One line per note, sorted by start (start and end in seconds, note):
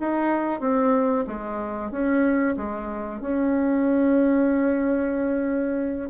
0.00 0.60 D#4
0.60 1.25 C4
1.27 1.91 G#3
1.91 2.56 C#4
2.57 3.21 G#3
3.21 6.10 C#4